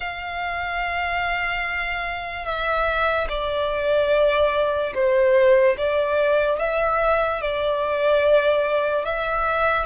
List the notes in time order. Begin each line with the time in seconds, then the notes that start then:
0.00 F5
2.45 E5
3.28 D5
4.94 C5
5.77 D5
6.59 E5
7.41 D5
9.04 E5